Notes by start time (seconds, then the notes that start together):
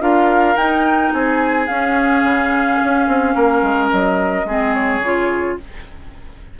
0.00 D4 F4 A#4 F5
0.57 D#4 G5
1.13 C4 G#4 G#5
1.67 C#4 F5
2.23 C#3
2.84 C#4
3.08 C4
3.35 A#3 A#4
3.63 G#3
3.92 F#3 D#5
4.45 G#3 C4 G#4
4.75 C#5
5.00 C#3 F4